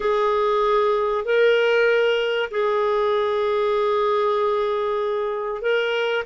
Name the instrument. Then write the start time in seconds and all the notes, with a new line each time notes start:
clarinet
0.00 G#4
1.24 A#4
2.51 G#4
5.61 A#4